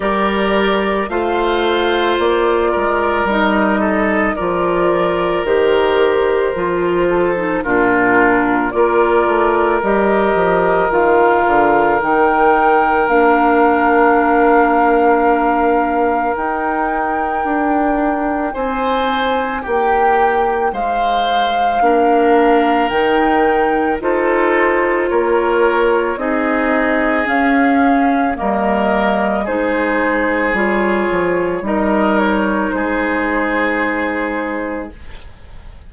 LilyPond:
<<
  \new Staff \with { instrumentName = "flute" } { \time 4/4 \tempo 4 = 55 d''4 f''4 d''4 dis''4 | d''4 c''2 ais'4 | d''4 dis''4 f''4 g''4 | f''2. g''4~ |
g''4 gis''4 g''4 f''4~ | f''4 g''4 c''4 cis''4 | dis''4 f''4 dis''4 c''4 | cis''4 dis''8 cis''8 c''2 | }
  \new Staff \with { instrumentName = "oboe" } { \time 4/4 ais'4 c''4. ais'4 a'8 | ais'2~ ais'8 a'8 f'4 | ais'1~ | ais'1~ |
ais'4 c''4 g'4 c''4 | ais'2 a'4 ais'4 | gis'2 ais'4 gis'4~ | gis'4 ais'4 gis'2 | }
  \new Staff \with { instrumentName = "clarinet" } { \time 4/4 g'4 f'2 dis'4 | f'4 g'4 f'8. dis'16 d'4 | f'4 g'4 f'4 dis'4 | d'2. dis'4~ |
dis'1 | d'4 dis'4 f'2 | dis'4 cis'4 ais4 dis'4 | f'4 dis'2. | }
  \new Staff \with { instrumentName = "bassoon" } { \time 4/4 g4 a4 ais8 gis8 g4 | f4 dis4 f4 ais,4 | ais8 a8 g8 f8 dis8 d8 dis4 | ais2. dis'4 |
d'4 c'4 ais4 gis4 | ais4 dis4 dis'4 ais4 | c'4 cis'4 g4 gis4 | g8 f8 g4 gis2 | }
>>